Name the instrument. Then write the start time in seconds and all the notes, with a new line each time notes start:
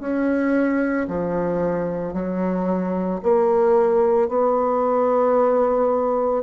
bassoon
0.00 C#4
1.08 F3
2.13 F#3
3.22 A#3
4.29 B3